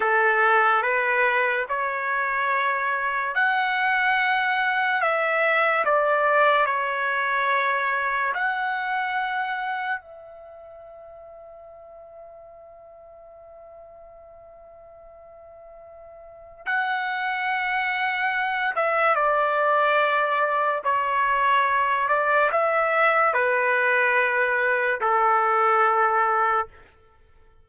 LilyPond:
\new Staff \with { instrumentName = "trumpet" } { \time 4/4 \tempo 4 = 72 a'4 b'4 cis''2 | fis''2 e''4 d''4 | cis''2 fis''2 | e''1~ |
e''1 | fis''2~ fis''8 e''8 d''4~ | d''4 cis''4. d''8 e''4 | b'2 a'2 | }